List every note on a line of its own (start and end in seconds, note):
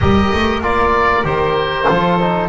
0.00 0.32 G3
0.00 0.62 G4
0.00 1.87 A#4
0.00 0.62 D#5
0.33 0.61 A3
0.61 1.23 A#3
0.61 1.24 F4
0.61 1.25 D5
1.24 1.86 D#3
1.24 1.86 G4
1.24 2.48 C5
1.87 2.48 F3
1.87 2.19 F4
1.87 2.48 A4
2.19 2.48 D#4